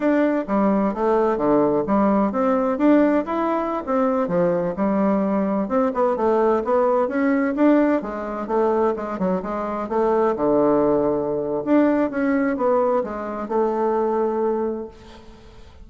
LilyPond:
\new Staff \with { instrumentName = "bassoon" } { \time 4/4 \tempo 4 = 129 d'4 g4 a4 d4 | g4 c'4 d'4 e'4~ | e'16 c'4 f4 g4.~ g16~ | g16 c'8 b8 a4 b4 cis'8.~ |
cis'16 d'4 gis4 a4 gis8 fis16~ | fis16 gis4 a4 d4.~ d16~ | d4 d'4 cis'4 b4 | gis4 a2. | }